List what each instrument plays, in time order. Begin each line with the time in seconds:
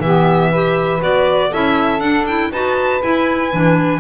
0.00 double bass E3, clarinet B3, saxophone G4, violin E5
0.50 clarinet G4, saxophone B4
1.00 double bass B3, clarinet F#4, violin D5
1.50 double bass C#4, clarinet E4, saxophone A4, violin E5
1.99 clarinet D4, double bass D4, violin F#5
2.27 clarinet E4, violin G5
2.51 double bass D#4, clarinet F#4, saxophone B4, violin A5
3.01 clarinet E4, double bass E4, violin G#5
3.52 double bass E3, clarinet D4